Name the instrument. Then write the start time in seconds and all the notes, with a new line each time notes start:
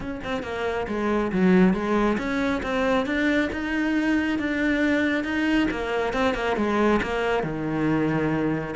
cello
0.00 C#4
0.23 C4
0.43 A#3
0.87 G#3
1.32 F#3
1.73 G#3
2.17 C#4
2.62 C4
3.06 D4
3.52 D#4
4.39 D4
5.24 D#4
5.71 A#3
6.13 C4
6.34 A#3
6.56 G#3
7.02 A#3
7.43 D#3